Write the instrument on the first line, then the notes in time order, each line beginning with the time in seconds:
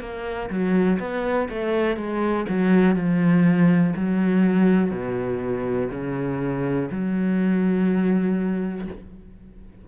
cello
0.00 A#3
0.50 F#3
0.99 B3
1.49 A3
1.96 G#3
2.48 F#3
2.95 F3
3.95 F#3
4.90 B2
5.91 C#3
6.91 F#3